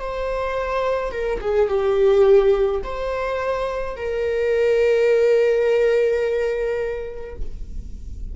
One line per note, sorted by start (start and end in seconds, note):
0.00 1.11 C5
1.11 1.39 A#4
1.40 1.68 G#4
1.68 2.81 G4
2.83 3.96 C5
3.96 7.36 A#4